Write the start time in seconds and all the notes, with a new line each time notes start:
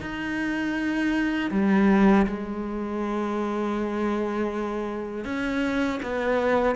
0.00 D#4
1.51 G3
2.26 G#3
5.24 C#4
6.02 B3